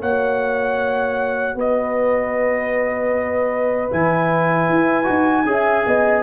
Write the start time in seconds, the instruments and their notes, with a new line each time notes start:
0.00 tuba A#3, trombone F#4, horn C#5, trumpet F#5
1.55 tuba B3, horn B4, trumpet D#5
3.91 tuba E3, trombone E4, trumpet G#5
4.69 tuba E4
5.04 tuba D#4, trombone F#4
5.45 tuba C#4, trombone G#4, horn E5
5.86 tuba B3, horn D#5